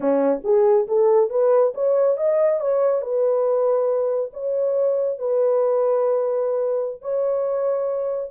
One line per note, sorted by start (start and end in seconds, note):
0.00 0.41 C#4
0.43 0.87 G#4
0.87 1.29 A4
1.29 1.73 B4
1.74 2.17 C#5
2.17 2.60 D#5
2.60 3.01 C#5
3.01 4.31 B4
4.33 5.18 C#5
5.18 7.01 B4
7.01 8.31 C#5